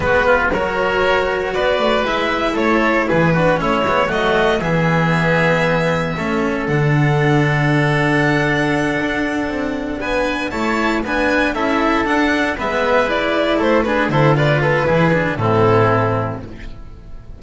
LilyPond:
<<
  \new Staff \with { instrumentName = "violin" } { \time 4/4 \tempo 4 = 117 b'4 cis''2 d''4 | e''4 cis''4 b'4 cis''4 | dis''4 e''2.~ | e''4 fis''2.~ |
fis''2.~ fis''8 gis''8~ | gis''8 a''4 gis''4 e''4 fis''8~ | fis''8 e''4 d''4 c''8 b'8 c''8 | d''8 b'4. a'2 | }
  \new Staff \with { instrumentName = "oboe" } { \time 4/4 fis'8 f'8 ais'2 b'4~ | b'4 a'4 gis'8 fis'8 e'4 | fis'4 gis'2. | a'1~ |
a'2.~ a'8 b'8~ | b'8 cis''4 b'4 a'4.~ | a'8 b'2 a'8 gis'8 a'8 | b'8 a'8 gis'4 e'2 | }
  \new Staff \with { instrumentName = "cello" } { \time 4/4 b4 fis'2. | e'2~ e'8 d'8 cis'8 b8 | a4 b2. | cis'4 d'2.~ |
d'1~ | d'8 e'4 d'4 e'4 d'8~ | d'8 b4 e'4. d'8 e'8 | f'4 e'8 d'8 c'2 | }
  \new Staff \with { instrumentName = "double bass" } { \time 4/4 gis4 fis2 b8 a8 | gis4 a4 e4 a8 gis8 | fis4 e2. | a4 d2.~ |
d4. d'4 c'4 b8~ | b8 a4 b4 cis'4 d'8~ | d'8 gis2 a4 d8~ | d4 e4 a,2 | }
>>